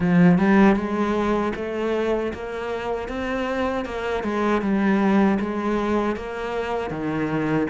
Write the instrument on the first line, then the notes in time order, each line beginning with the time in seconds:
cello
0.00 F3
0.38 G3
0.76 G#3
1.55 A3
2.33 A#3
3.08 C4
3.85 A#3
4.23 G#3
4.61 G3
5.40 G#3
6.15 A#3
6.90 D#3